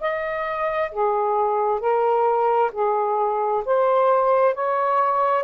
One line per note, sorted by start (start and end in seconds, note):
0.00 0.91 D#5
0.91 1.80 G#4
1.80 2.71 A#4
2.72 3.63 G#4
3.65 4.54 C5
4.54 5.43 C#5